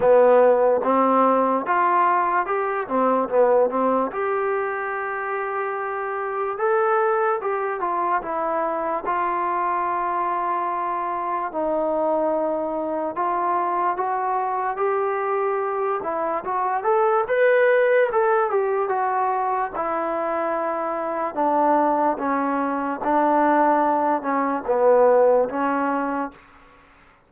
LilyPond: \new Staff \with { instrumentName = "trombone" } { \time 4/4 \tempo 4 = 73 b4 c'4 f'4 g'8 c'8 | b8 c'8 g'2. | a'4 g'8 f'8 e'4 f'4~ | f'2 dis'2 |
f'4 fis'4 g'4. e'8 | fis'8 a'8 b'4 a'8 g'8 fis'4 | e'2 d'4 cis'4 | d'4. cis'8 b4 cis'4 | }